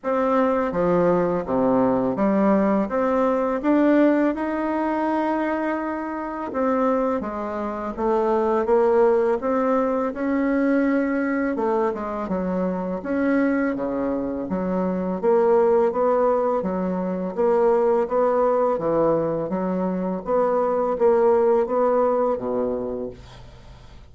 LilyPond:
\new Staff \with { instrumentName = "bassoon" } { \time 4/4 \tempo 4 = 83 c'4 f4 c4 g4 | c'4 d'4 dis'2~ | dis'4 c'4 gis4 a4 | ais4 c'4 cis'2 |
a8 gis8 fis4 cis'4 cis4 | fis4 ais4 b4 fis4 | ais4 b4 e4 fis4 | b4 ais4 b4 b,4 | }